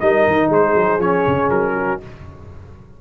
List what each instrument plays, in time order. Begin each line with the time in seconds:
0.00 tuba G3, trombone D#4, horn A#4, trumpet D#5
0.27 tuba D#3
0.48 tuba G#3, horn G#4, trumpet C5
0.75 tuba F#3
0.98 tuba F3, trombone C#4, trumpet C#5
1.27 tuba C#3
1.50 tuba F#3, trumpet A#4
1.76 horn F#4